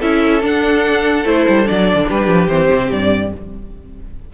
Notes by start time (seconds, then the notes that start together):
0.00 C#4 E4 A4 E5
0.41 D4 F#5
1.25 A3 E4 C5
1.49 G3
1.66 F#3 D4 D5
1.96 D3
2.08 G3 G4 B4
2.27 F3
2.48 E3 C4 C5
2.72 C3
2.91 G2 D5